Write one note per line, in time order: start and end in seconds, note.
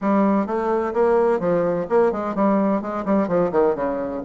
0.01 0.46 G3
0.46 0.93 A3
0.93 1.39 A#3
1.39 1.86 F3
1.89 2.11 A#3
2.11 2.35 G#3
2.35 2.81 G3
2.81 3.04 G#3
3.05 3.27 G3
3.27 3.51 F3
3.51 3.75 D#3
3.75 4.21 C#3